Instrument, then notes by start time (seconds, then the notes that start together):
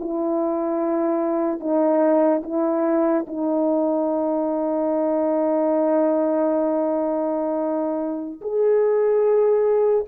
horn
0.00 E4
1.60 D#4
2.44 E4
3.27 D#4
8.41 G#4